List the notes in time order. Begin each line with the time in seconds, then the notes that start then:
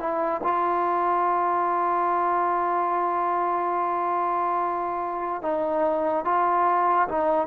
0.00 E4
0.44 F4
5.42 D#4
6.25 F4
7.09 D#4